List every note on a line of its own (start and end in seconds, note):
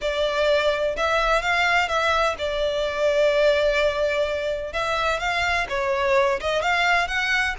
0.01 0.96 D5
0.96 1.42 E5
1.42 1.88 F5
1.88 2.35 E5
2.38 4.72 D5
4.72 5.19 E5
5.19 5.66 F5
5.69 6.40 C#5
6.40 6.61 D#5
6.61 7.07 F5
7.07 7.55 F#5